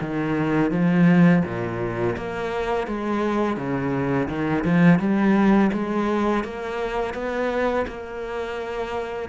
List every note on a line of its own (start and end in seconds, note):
0.00 0.71 D#3
0.71 1.42 F3
1.44 2.16 A#2
2.17 2.87 A#3
2.87 3.56 G#3
3.56 4.28 C#3
4.28 4.64 D#3
4.64 4.99 F3
4.99 5.70 G3
5.72 6.44 G#3
6.44 7.14 A#3
7.14 7.85 B3
7.87 9.29 A#3